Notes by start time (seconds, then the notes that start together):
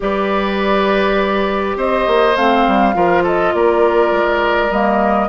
0.00 G3 G4 B4 D5
1.76 C4 C5 D#5
2.07 A#3
2.35 A3 C4 F5
2.67 G3
2.93 F3 F4 A#4
3.23 A4 D#5
3.53 A#3 A#4 D5
4.11 G#3
4.70 G3 A#3 D#5